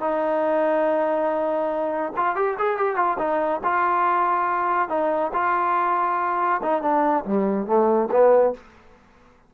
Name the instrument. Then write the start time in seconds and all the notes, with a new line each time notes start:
trombone
0.00 D#4
2.16 F4
2.36 G4
2.58 G#4
2.77 G4
2.96 F4
3.18 D#4
3.63 F4
4.89 D#4
5.33 F4
6.62 D#4
6.82 D4
7.25 G3
7.66 A3
8.11 B3